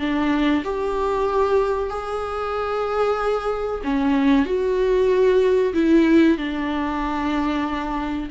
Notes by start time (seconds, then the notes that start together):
0.00 D4
0.65 G4
1.90 G#4
3.85 C#4
4.46 F#4
5.74 E4
6.38 D4